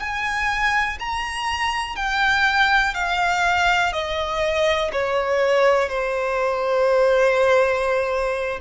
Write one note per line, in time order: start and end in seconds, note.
0.00 0.98 G#5
1.00 1.96 A#5
1.96 2.95 G5
2.95 3.93 F5
3.93 4.91 D#5
4.92 5.89 C#5
5.89 8.60 C5